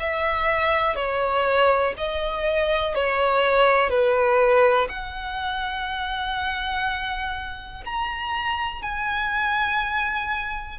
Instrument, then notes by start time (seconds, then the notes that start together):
violin
0.00 E5
0.96 C#5
1.98 D#5
2.95 C#5
3.90 B4
4.89 F#5
7.86 A#5
8.83 G#5